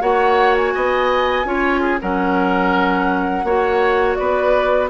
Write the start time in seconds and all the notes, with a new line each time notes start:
0.00 A#3 F#4 C#5 F#5
0.56 G#5
0.74 B3 D#5
1.45 C#4 F4 C#5
1.81 G#4
2.00 F#3 C#4 A#4 F#5
3.44 A#3 F#4 C#5
4.15 B3 B4 D5